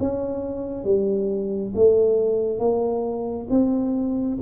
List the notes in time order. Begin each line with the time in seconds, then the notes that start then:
0.00 C#4
0.85 G3
1.76 A3
2.59 A#3
3.51 C4